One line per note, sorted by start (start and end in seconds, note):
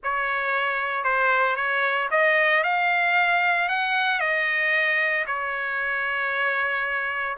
0.03 1.04 C#5
1.04 1.56 C5
1.56 2.08 C#5
2.11 2.63 D#5
2.63 3.68 F5
3.68 4.20 F#5
4.20 5.25 D#5
5.26 7.37 C#5